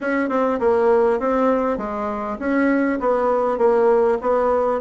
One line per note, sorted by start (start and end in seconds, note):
0.01 0.29 C#4
0.29 0.59 C4
0.59 1.19 A#3
1.19 1.77 C4
1.77 2.37 G#3
2.39 2.99 C#4
3.00 3.58 B3
3.58 4.18 A#3
4.21 4.80 B3